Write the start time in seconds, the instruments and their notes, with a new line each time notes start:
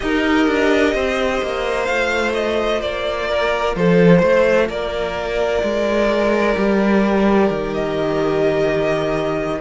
0.00 cello D#4, viola G4, violin A#4 D#5
0.47 cello D4
0.94 cello C4, violin C5
1.42 cello A#3
1.84 cello A3, viola F4, violin F5
2.34 violin D#5
2.81 cello A#3, violin D5
3.29 violin A#4
3.75 cello F3, violin A4 C5
4.18 cello A3, violin C5
4.68 cello A#3, violin A#4 D5
5.62 cello G#3
6.54 cello G3, viola G4
7.50 cello D#3
7.74 violin D#5